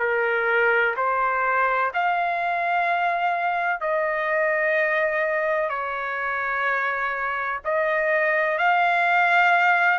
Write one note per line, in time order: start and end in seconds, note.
0.00 0.95 A#4
0.97 1.92 C5
1.94 3.81 F5
3.81 5.69 D#5
5.69 7.60 C#5
7.65 8.58 D#5
8.58 10.00 F5